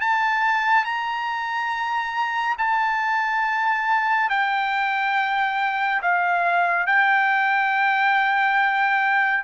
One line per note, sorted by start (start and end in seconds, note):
0.00 0.84 A5
0.84 2.56 A#5
2.58 4.29 A5
4.29 6.01 G5
6.02 6.86 F5
6.86 9.43 G5